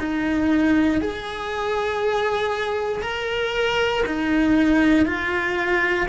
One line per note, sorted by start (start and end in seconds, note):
0.00 1.02 D#4
1.02 3.02 G#4
3.02 4.04 A#4
4.06 5.06 D#4
5.06 6.07 F4